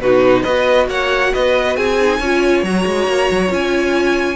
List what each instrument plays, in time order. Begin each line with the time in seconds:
0.00 cello B2, viola D#4, violin F#4 B4
0.42 cello B3, viola F#4, violin B4 D#5
0.88 cello A#3, violin C#5 F#5
1.33 cello B3, violin B4 D#5
1.76 cello C4, violin G#4 G#5
2.00 viola D#4
2.19 cello C#4, viola F4, violin C#5
2.63 cello F#3, viola F#4, violin A#5
2.86 cello G#3
3.07 cello A#3
3.30 cello F#3
3.49 cello C#4, viola F4, violin G#5